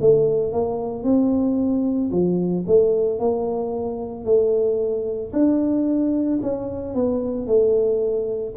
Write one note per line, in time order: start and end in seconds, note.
0.00 0.52 A3
0.52 1.03 A#3
1.03 2.10 C4
2.11 2.64 F3
2.66 3.19 A3
3.19 4.25 A#3
4.25 5.32 A3
5.32 6.39 D4
6.42 6.94 C#4
6.94 7.47 B3
7.47 8.54 A3